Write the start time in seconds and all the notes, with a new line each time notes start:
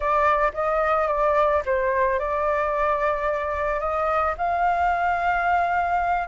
0.00 D5
0.53 D#5
1.07 D5
1.65 C5
2.19 D5
3.80 D#5
4.37 F5